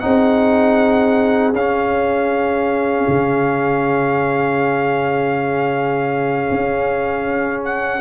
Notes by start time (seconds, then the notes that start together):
0.00 C4 D#4 G#4 F#5
1.53 C#4 F5
3.08 C#3
6.51 C#4
7.65 F#5